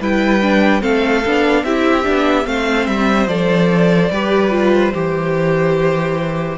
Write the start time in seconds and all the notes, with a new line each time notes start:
0.00 G3 E4 B4 G5
0.42 D4
0.81 A3 C4 A4 F5
1.26 B3 D4
1.64 C4 E4 G4 E5
2.03 B3 D4
2.45 A3 C4 C5 F5
2.86 G3 E5
3.27 F3 A4 D5
4.10 G3 G4 B4
4.50 F4
4.74 C5
4.94 E3 G4